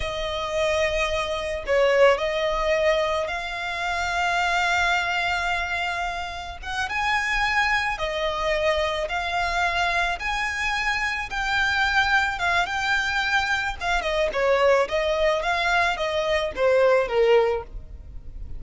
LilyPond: \new Staff \with { instrumentName = "violin" } { \time 4/4 \tempo 4 = 109 dis''2. cis''4 | dis''2 f''2~ | f''1 | fis''8 gis''2 dis''4.~ |
dis''8 f''2 gis''4.~ | gis''8 g''2 f''8 g''4~ | g''4 f''8 dis''8 cis''4 dis''4 | f''4 dis''4 c''4 ais'4 | }